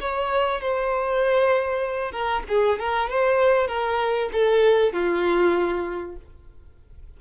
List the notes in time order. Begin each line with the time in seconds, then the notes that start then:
0.00 C#5
0.60 C5
2.11 A#4
2.48 G#4
2.79 A#4
3.10 C5
3.67 A#4
4.32 A4
4.92 F4